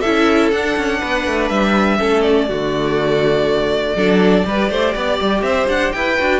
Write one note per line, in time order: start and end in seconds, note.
0.00 0.54 E4
0.00 0.98 A4
0.00 0.50 E5
0.07 0.52 C#4
0.52 0.77 D4
0.52 1.99 D4
0.52 1.49 F#5
0.77 1.02 C#4
1.00 1.27 B3
1.00 1.98 B4
1.27 1.50 A3
1.49 1.99 G3
1.49 2.22 E5
1.99 2.50 A3
1.99 2.48 C#4
1.99 2.48 A4
2.22 5.42 D5
2.48 3.95 D3
2.48 3.98 A3
2.48 3.96 F#4
3.95 4.44 F#3
3.95 4.44 D4
3.95 4.45 A4
4.44 4.70 G3
4.44 6.16 G4
4.44 4.70 B4
4.70 4.94 A3
4.70 4.94 C5
4.95 5.20 B3
4.95 5.44 D5
5.21 5.42 G3
5.42 5.67 C4
5.42 5.95 C5
5.42 5.67 E5
5.68 5.93 D4
5.68 5.92 F#5
5.92 6.19 E4
5.92 6.40 B4
5.92 6.40 G5
6.19 6.40 D4
6.19 6.40 F#4